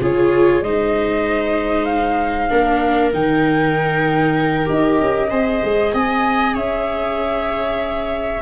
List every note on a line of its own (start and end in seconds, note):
0.00 0.62 C#3
0.00 0.63 F4
0.00 0.64 G#4
0.00 0.62 C#5
0.62 2.49 G#3
0.62 2.49 D#4
0.62 2.50 C5
0.62 1.85 D#5
1.85 3.10 F5
2.49 3.13 A#3
2.49 3.12 D4
2.49 5.30 A#4
3.13 4.69 D#3
3.13 4.66 D#4
3.13 4.69 G5
4.66 5.00 D#4
4.66 5.28 G4
4.66 5.94 D#5
5.00 5.31 C#4
5.30 5.62 C4
5.30 8.42 G#4
5.30 5.92 C5
5.64 5.93 G#3
5.93 6.55 C4
5.93 6.54 D#5
5.93 6.57 G#5
6.54 8.42 C#4
6.54 8.41 C#5
6.54 8.42 E5